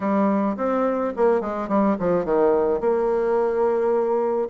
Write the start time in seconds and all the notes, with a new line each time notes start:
0.00 G3
0.57 C4
1.16 A#3
1.40 G#3
1.68 G3
1.99 F3
2.25 D#3
2.80 A#3